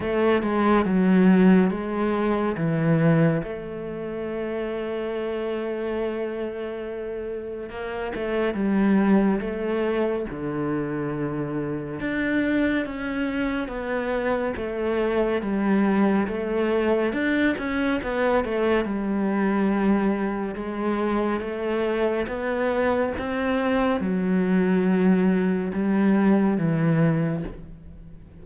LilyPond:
\new Staff \with { instrumentName = "cello" } { \time 4/4 \tempo 4 = 70 a8 gis8 fis4 gis4 e4 | a1~ | a4 ais8 a8 g4 a4 | d2 d'4 cis'4 |
b4 a4 g4 a4 | d'8 cis'8 b8 a8 g2 | gis4 a4 b4 c'4 | fis2 g4 e4 | }